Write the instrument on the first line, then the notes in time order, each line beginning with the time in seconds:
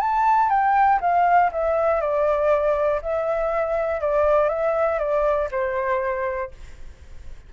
flute
0.00 A5
0.49 G5
1.00 F5
1.52 E5
2.00 D5
3.02 E5
4.00 D5
4.48 E5
4.98 D5
5.51 C5